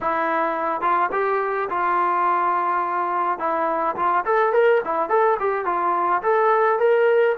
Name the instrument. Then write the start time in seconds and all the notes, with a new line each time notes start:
trombone
0.01 E4
0.81 F4
1.12 G4
1.69 F4
3.38 E4
3.95 F4
4.25 A4
4.53 A#4
4.84 E4
5.09 A4
5.39 G4
5.65 F4
6.22 A4
6.79 A#4